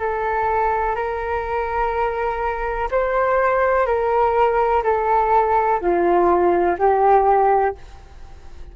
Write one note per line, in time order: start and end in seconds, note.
0.00 0.96 A4
0.96 2.89 A#4
2.92 3.87 C5
3.87 4.83 A#4
4.84 5.81 A4
5.81 6.78 F4
6.79 7.76 G4